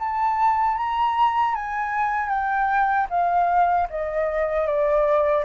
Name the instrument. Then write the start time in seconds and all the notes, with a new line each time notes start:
flute
0.00 A5
0.78 A#5
1.55 G#5
2.30 G5
3.10 F5
3.90 D#5
4.67 D5